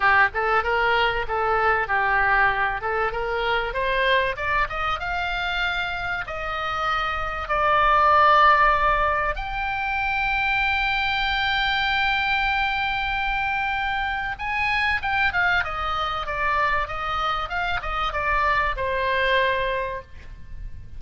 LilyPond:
\new Staff \with { instrumentName = "oboe" } { \time 4/4 \tempo 4 = 96 g'8 a'8 ais'4 a'4 g'4~ | g'8 a'8 ais'4 c''4 d''8 dis''8 | f''2 dis''2 | d''2. g''4~ |
g''1~ | g''2. gis''4 | g''8 f''8 dis''4 d''4 dis''4 | f''8 dis''8 d''4 c''2 | }